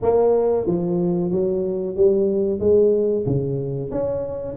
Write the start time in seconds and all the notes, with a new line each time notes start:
0.02 A#3
0.66 F3
1.31 F#3
1.96 G3
2.59 G#3
3.25 C#3
3.90 C#4